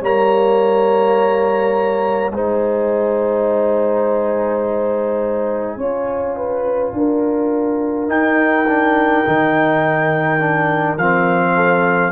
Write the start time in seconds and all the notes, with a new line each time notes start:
0.00 G3 A#3 C#5 A#5
2.30 G#3 D#4 C5 G#5
5.76 C#4 F4 C#5
6.36 B4
6.92 D4 A#4
8.07 D#4 G5
8.67 D4
9.25 D#3 D#4
10.39 D4
10.97 F3 C4 F5
11.55 A4